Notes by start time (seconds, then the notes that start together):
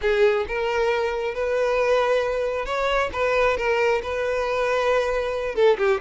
0.01 G#4
0.47 A#4
1.34 B4
2.65 C#5
3.12 B4
3.57 A#4
4.02 B4
5.55 A4
5.78 G4